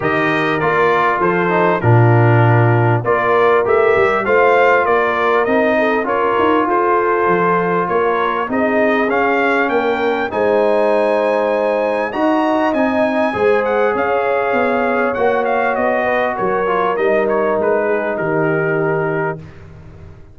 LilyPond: <<
  \new Staff \with { instrumentName = "trumpet" } { \time 4/4 \tempo 4 = 99 dis''4 d''4 c''4 ais'4~ | ais'4 d''4 e''4 f''4 | d''4 dis''4 cis''4 c''4~ | c''4 cis''4 dis''4 f''4 |
g''4 gis''2. | ais''4 gis''4. fis''8 f''4~ | f''4 fis''8 f''8 dis''4 cis''4 | dis''8 cis''8 b'4 ais'2 | }
  \new Staff \with { instrumentName = "horn" } { \time 4/4 ais'2 a'4 f'4~ | f'4 ais'2 c''4 | ais'4. a'8 ais'4 a'4~ | a'4 ais'4 gis'2 |
ais'4 c''2. | dis''2 c''4 cis''4~ | cis''2~ cis''8 b'8 ais'4~ | ais'4. gis'8 g'2 | }
  \new Staff \with { instrumentName = "trombone" } { \time 4/4 g'4 f'4. dis'8 d'4~ | d'4 f'4 g'4 f'4~ | f'4 dis'4 f'2~ | f'2 dis'4 cis'4~ |
cis'4 dis'2. | fis'4 dis'4 gis'2~ | gis'4 fis'2~ fis'8 f'8 | dis'1 | }
  \new Staff \with { instrumentName = "tuba" } { \time 4/4 dis4 ais4 f4 ais,4~ | ais,4 ais4 a8 g8 a4 | ais4 c'4 cis'8 dis'8 f'4 | f4 ais4 c'4 cis'4 |
ais4 gis2. | dis'4 c'4 gis4 cis'4 | b4 ais4 b4 fis4 | g4 gis4 dis2 | }
>>